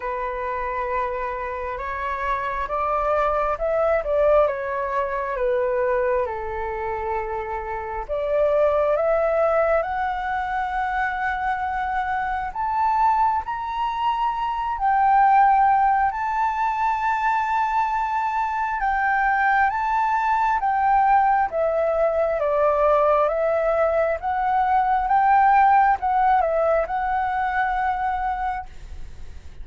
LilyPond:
\new Staff \with { instrumentName = "flute" } { \time 4/4 \tempo 4 = 67 b'2 cis''4 d''4 | e''8 d''8 cis''4 b'4 a'4~ | a'4 d''4 e''4 fis''4~ | fis''2 a''4 ais''4~ |
ais''8 g''4. a''2~ | a''4 g''4 a''4 g''4 | e''4 d''4 e''4 fis''4 | g''4 fis''8 e''8 fis''2 | }